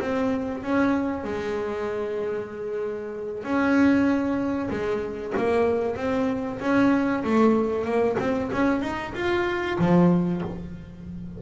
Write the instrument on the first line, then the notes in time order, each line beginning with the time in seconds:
double bass
0.00 C4
0.63 C#4
1.23 G#3
3.43 C#4
4.70 G#3
5.37 A#3
5.96 C4
6.60 C#4
7.23 A3
7.85 A#3
8.19 C4
8.52 C#4
8.81 D#4
9.14 F4
9.78 F3